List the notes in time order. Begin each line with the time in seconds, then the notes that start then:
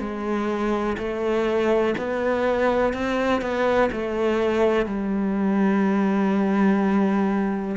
0.00 G#3
0.98 A3
1.98 B3
2.93 C4
3.42 B3
3.92 A3
4.86 G3